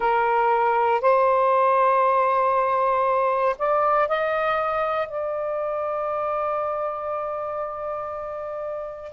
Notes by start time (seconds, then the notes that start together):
0.00 A#4
1.01 C5
3.58 D5
4.08 D#5
5.08 D5